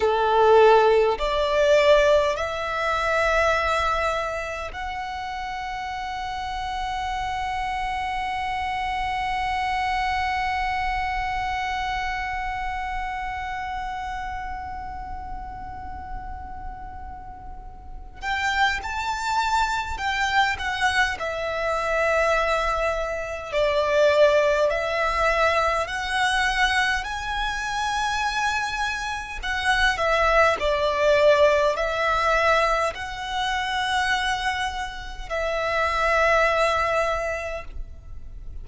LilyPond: \new Staff \with { instrumentName = "violin" } { \time 4/4 \tempo 4 = 51 a'4 d''4 e''2 | fis''1~ | fis''1~ | fis''2.~ fis''8 g''8 |
a''4 g''8 fis''8 e''2 | d''4 e''4 fis''4 gis''4~ | gis''4 fis''8 e''8 d''4 e''4 | fis''2 e''2 | }